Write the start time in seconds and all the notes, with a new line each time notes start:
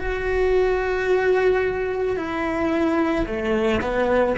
0.00 F#4
2.18 E4
3.27 A3
3.82 B3